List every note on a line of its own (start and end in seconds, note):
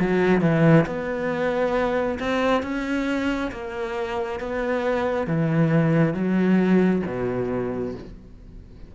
0.00 0.41 F#3
0.41 0.85 E3
0.86 2.19 B3
2.19 2.63 C4
2.63 3.51 C#4
3.52 4.40 A#3
4.40 5.27 B3
5.27 6.14 E3
6.14 7.02 F#3
7.06 7.95 B2